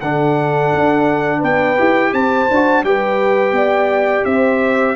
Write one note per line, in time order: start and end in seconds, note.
0.00 0.72 D3
0.00 1.77 D4
0.00 1.38 A4
0.00 1.41 F#5
0.74 1.42 D4
1.38 1.77 B3
1.38 2.09 B4
1.38 2.13 G5
1.77 2.12 E4
1.77 2.47 G4
2.12 2.48 C4
2.12 2.84 C5
2.12 2.84 A5
2.50 2.83 D4
2.50 2.84 F#4
2.83 3.51 G3
2.83 4.95 G4
2.83 3.55 B4
2.83 4.24 G5
3.51 4.22 B3
3.51 4.26 D5
4.24 4.95 C4
4.24 4.95 C5
4.24 4.95 E5